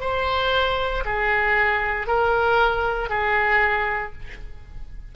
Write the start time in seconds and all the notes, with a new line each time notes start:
0.00 C5
1.05 G#4
2.06 A#4
3.09 G#4